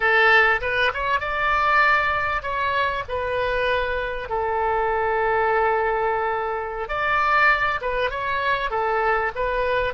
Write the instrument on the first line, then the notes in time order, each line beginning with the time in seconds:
oboe
0.00 A4
0.61 B4
0.93 C#5
1.19 D5
2.42 C#5
3.08 B4
4.29 A4
6.88 D5
7.81 B4
8.10 C#5
8.70 A4
9.35 B4